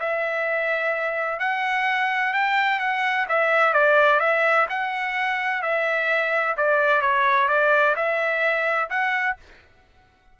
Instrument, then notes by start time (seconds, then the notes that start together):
trumpet
0.00 E5
1.40 F#5
2.33 G5
2.80 F#5
3.29 E5
3.73 D5
4.20 E5
4.70 F#5
5.62 E5
6.57 D5
7.02 C#5
7.48 D5
7.96 E5
8.90 F#5